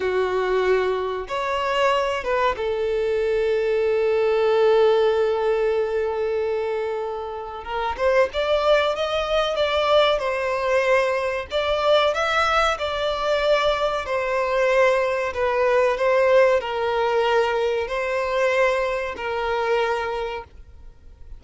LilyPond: \new Staff \with { instrumentName = "violin" } { \time 4/4 \tempo 4 = 94 fis'2 cis''4. b'8 | a'1~ | a'1 | ais'8 c''8 d''4 dis''4 d''4 |
c''2 d''4 e''4 | d''2 c''2 | b'4 c''4 ais'2 | c''2 ais'2 | }